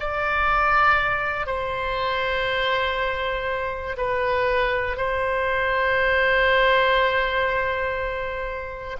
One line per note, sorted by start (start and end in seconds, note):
0.00 1.47 D5
1.47 3.97 C5
3.98 4.97 B4
4.97 8.97 C5